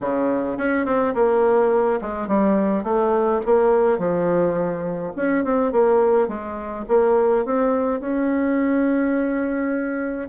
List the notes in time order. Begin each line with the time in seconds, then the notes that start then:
0.00 C#3
0.57 C#4
0.85 C4
1.14 A#3
2.01 G#3
2.27 G3
2.83 A3
3.45 A#3
3.98 F3
5.16 C#4
5.44 C4
5.72 A#3
6.28 G#3
6.88 A#3
7.45 C4
8.00 C#4